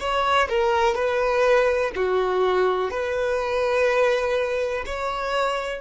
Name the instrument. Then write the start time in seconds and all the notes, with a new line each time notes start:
violin
0.00 C#5
0.50 A#4
0.95 B4
1.96 F#4
2.91 B4
4.87 C#5